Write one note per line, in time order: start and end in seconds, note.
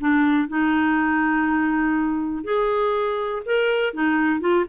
0.00 0.49 D4
0.49 2.44 D#4
2.44 3.42 G#4
3.46 3.94 A#4
3.94 4.41 D#4
4.41 4.65 F4